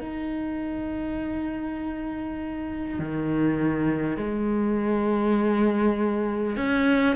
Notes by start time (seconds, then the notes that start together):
0.00 D#4
2.99 D#3
4.17 G#3
6.57 C#4